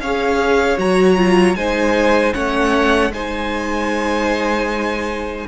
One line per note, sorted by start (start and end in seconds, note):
0.00 0.78 C#4
0.00 0.77 G#4
0.00 1.57 C#5
0.00 0.78 F5
0.77 1.55 F#3
0.77 1.16 F#4
0.77 1.55 A#5
1.17 1.56 F4
1.55 2.33 G#3
1.55 2.33 D#4
1.55 2.34 C5
1.55 2.33 G#5
2.33 3.11 A3
2.33 3.11 C#4
2.33 3.12 C#5
2.33 3.12 F#5
3.11 5.44 G#3
3.11 5.47 D#4
3.11 5.47 C5
3.11 5.47 G#5